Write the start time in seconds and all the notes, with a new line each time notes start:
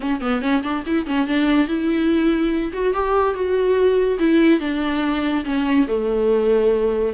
0.00 C#4
0.20 B3
0.41 C#4
0.63 D4
0.86 E4
1.06 C#4
1.27 D4
1.67 E4
2.72 F#4
2.93 G4
3.34 F#4
4.19 E4
4.60 D4
5.44 C#4
5.87 A3